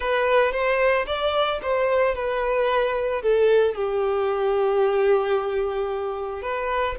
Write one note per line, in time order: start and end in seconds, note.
0.00 0.51 B4
0.51 1.05 C5
1.06 1.59 D5
1.62 2.15 C5
2.15 3.22 B4
3.22 3.75 A4
3.75 6.42 G4
6.42 6.95 B4